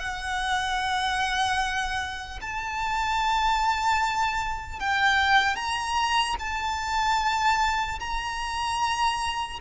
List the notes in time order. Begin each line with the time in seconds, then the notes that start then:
0.00 F#5
2.41 A5
4.80 G5
5.56 A#5
6.39 A5
8.00 A#5